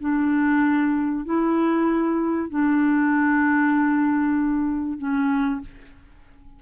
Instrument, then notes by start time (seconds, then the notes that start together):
clarinet
0.00 D4
1.25 E4
2.50 D4
4.98 C#4